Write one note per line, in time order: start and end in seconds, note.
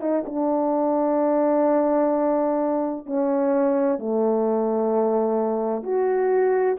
0.00 0.23 D#4
0.26 3.06 D4
3.06 3.98 C#4
3.98 5.83 A3
5.83 6.77 F#4